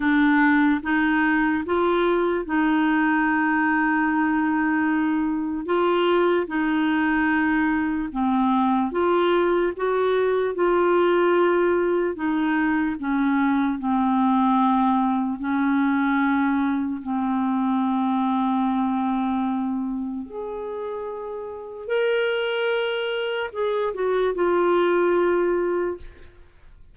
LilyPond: \new Staff \with { instrumentName = "clarinet" } { \time 4/4 \tempo 4 = 74 d'4 dis'4 f'4 dis'4~ | dis'2. f'4 | dis'2 c'4 f'4 | fis'4 f'2 dis'4 |
cis'4 c'2 cis'4~ | cis'4 c'2.~ | c'4 gis'2 ais'4~ | ais'4 gis'8 fis'8 f'2 | }